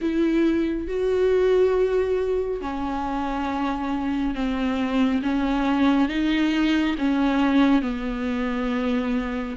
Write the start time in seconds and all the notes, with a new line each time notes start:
0.01 E4
0.87 F#4
2.61 C#4
4.34 C4
5.22 C#4
6.08 D#4
6.98 C#4
7.81 B3